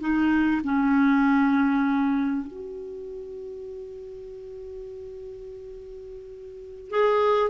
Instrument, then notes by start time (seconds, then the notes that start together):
clarinet
0.00 D#4
0.63 C#4
2.47 F#4
6.90 G#4